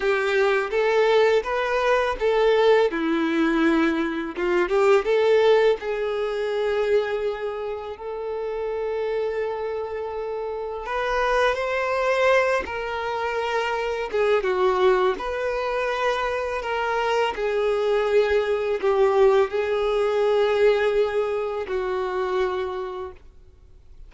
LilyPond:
\new Staff \with { instrumentName = "violin" } { \time 4/4 \tempo 4 = 83 g'4 a'4 b'4 a'4 | e'2 f'8 g'8 a'4 | gis'2. a'4~ | a'2. b'4 |
c''4. ais'2 gis'8 | fis'4 b'2 ais'4 | gis'2 g'4 gis'4~ | gis'2 fis'2 | }